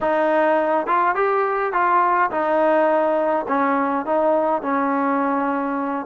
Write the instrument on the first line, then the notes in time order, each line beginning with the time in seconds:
trombone
0.00 D#4
0.86 F4
1.15 G4
1.72 F4
2.31 D#4
3.47 C#4
4.05 D#4
4.62 C#4